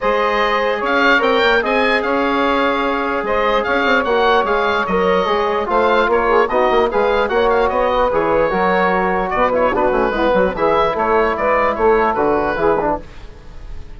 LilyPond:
<<
  \new Staff \with { instrumentName = "oboe" } { \time 4/4 \tempo 4 = 148 dis''2 f''4 g''4 | gis''4 f''2. | dis''4 f''4 fis''4 f''4 | dis''2 f''4 cis''4 |
dis''4 f''4 fis''8 f''8 dis''4 | cis''2. d''8 cis''8 | b'2 e''4 cis''4 | d''4 cis''4 b'2 | }
  \new Staff \with { instrumentName = "saxophone" } { \time 4/4 c''2 cis''2 | dis''4 cis''2. | c''4 cis''2.~ | cis''2 c''4 ais'8 gis'8 |
fis'4 b'4 cis''4. b'8~ | b'4 ais'2 b'4 | fis'4 e'8 fis'8 gis'4 a'4 | b'4 a'2 gis'4 | }
  \new Staff \with { instrumentName = "trombone" } { \time 4/4 gis'2. ais'4 | gis'1~ | gis'2 fis'4 gis'4 | ais'4 gis'4 f'2 |
dis'4 gis'4 fis'2 | gis'4 fis'2~ fis'8 e'8 | d'8 cis'8 b4 e'2~ | e'2 fis'4 e'8 d'8 | }
  \new Staff \with { instrumentName = "bassoon" } { \time 4/4 gis2 cis'4 c'8 ais8 | c'4 cis'2. | gis4 cis'8 c'8 ais4 gis4 | fis4 gis4 a4 ais4 |
b8 ais8 gis4 ais4 b4 | e4 fis2 b,4 | b8 a8 gis8 fis8 e4 a4 | gis4 a4 d4 e4 | }
>>